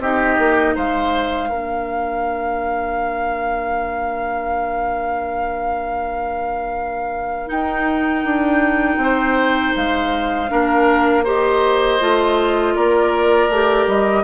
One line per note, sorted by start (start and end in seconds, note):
0.00 0.38 C4
0.00 1.50 D#4
0.00 0.75 G4
0.00 0.77 D#5
0.39 0.76 A#3
0.75 1.52 G#3
0.75 1.50 C5
0.75 7.51 F5
1.50 7.51 A#3
1.50 7.47 D4
1.50 9.00 A#4
7.47 10.47 D#4
7.47 8.25 D#4
7.47 9.76 G5
8.25 8.97 D4
8.97 9.73 C4
8.97 10.52 C5
9.76 10.52 G#3
9.76 11.26 F5
10.49 12.02 A#3
10.49 11.24 D4
10.49 11.25 A#4
11.25 12.01 G4
11.25 12.75 C5
11.25 12.76 D#5
12.01 12.76 A3
12.01 13.51 F4
12.76 13.49 A#3
12.76 14.24 A#4
12.76 13.88 D5
13.49 13.87 A3
13.49 14.24 G4
13.88 14.24 G3
13.88 14.24 D#5